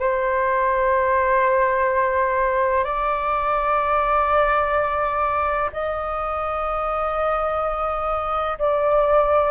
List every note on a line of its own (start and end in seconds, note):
0.00 2.84 C5
2.84 5.70 D5
5.73 8.58 D#5
8.59 9.51 D5